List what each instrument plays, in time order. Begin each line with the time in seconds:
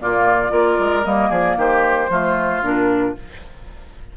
0.00 bassoon A#2, clarinet A#3, oboe F4, flute D5
0.51 bassoon A#3, clarinet F4, oboe A#4
0.79 bassoon G#3
1.05 bassoon G3, clarinet A#3, flute D#5
1.30 bassoon F3, oboe G#4, flute D5
1.57 bassoon D#3, oboe G4, flute C5
2.10 bassoon F3, clarinet A3, oboe F4
2.62 bassoon A#2, clarinet D4, flute A#4